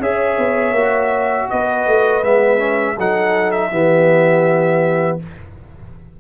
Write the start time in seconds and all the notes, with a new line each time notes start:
0.00 C#4 G#4 C#5 E5
0.38 B3
0.71 A#3 F#4
1.50 B3 B4 D#5
1.86 A3
2.23 G#3 B3 E5
2.58 C#4
2.96 F#3 D#4 A4 F#5
3.52 E5
3.71 E3 B3 G4